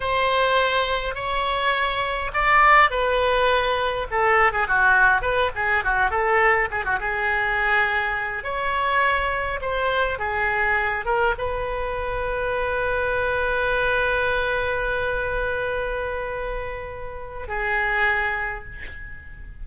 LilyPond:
\new Staff \with { instrumentName = "oboe" } { \time 4/4 \tempo 4 = 103 c''2 cis''2 | d''4 b'2 a'8. gis'16 | fis'4 b'8 gis'8 fis'8 a'4 gis'16 fis'16 | gis'2~ gis'8 cis''4.~ |
cis''8 c''4 gis'4. ais'8 b'8~ | b'1~ | b'1~ | b'2 gis'2 | }